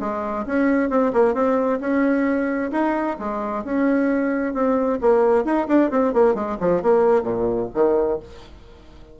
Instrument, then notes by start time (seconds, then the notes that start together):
bassoon
0.00 G#3
0.46 C#4
0.90 C4
1.13 A#3
1.34 C4
1.80 C#4
2.72 D#4
3.19 G#3
3.64 C#4
4.54 C4
5.01 A#3
5.45 D#4
5.68 D4
5.91 C4
6.14 A#3
6.35 G#3
6.60 F3
6.82 A#3
7.23 A#2
7.74 D#3